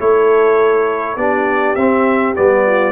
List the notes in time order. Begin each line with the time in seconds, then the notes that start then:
0.00 A3 E4 A4 C#5
1.17 B3 D4 G4 D5
1.76 C4 E5
2.36 G3 B3 D5
2.66 F4